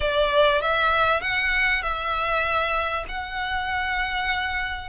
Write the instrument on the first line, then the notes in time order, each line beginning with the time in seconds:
violin
0.00 D5
0.61 E5
1.21 F#5
1.82 E5
3.08 F#5